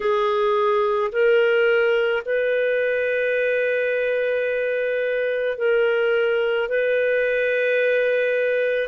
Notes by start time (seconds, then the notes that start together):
0.00 G#4
1.12 A#4
2.25 B4
5.58 A#4
6.68 B4